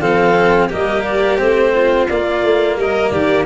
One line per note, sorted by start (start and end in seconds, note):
0.00 0.70 F3
0.00 0.70 C4
0.00 0.68 A4
0.00 0.69 F5
0.68 1.40 G3
0.68 1.38 A#3
0.68 1.72 G4
0.68 1.03 D#5
1.03 1.38 D5
1.38 2.09 A3
1.38 2.07 C4
1.38 2.07 C5
1.74 2.78 F4
2.08 2.43 A#3
2.08 3.45 A#3
2.08 2.77 D5
2.43 2.77 A3
2.77 3.11 G3
2.77 3.12 A#4
2.77 3.10 D#5
3.10 3.45 D#3
3.10 3.45 G4
3.10 3.44 D5